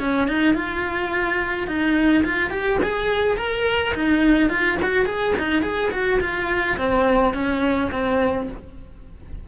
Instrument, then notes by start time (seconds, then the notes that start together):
cello
0.00 C#4
0.28 D#4
0.55 F4
1.68 D#4
2.25 F4
2.51 G4
2.83 G#4
3.38 A#4
3.95 D#4
4.50 F4
4.83 F#4
5.06 G#4
5.39 D#4
5.63 G#4
5.92 F#4
6.21 F4
6.78 C4
7.34 C#4
7.92 C4